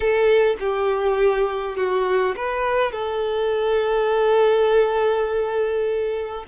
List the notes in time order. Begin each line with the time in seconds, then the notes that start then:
0.00 A4
0.59 G4
1.76 F#4
2.36 B4
2.91 A4